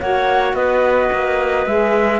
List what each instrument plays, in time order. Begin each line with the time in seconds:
0.00 cello A#3, saxophone F#4, clarinet C#5, flute F#5
0.53 cello B3, clarinet B4, flute D#5
1.12 cello A#3
1.66 cello G#3, saxophone G#4, flute E5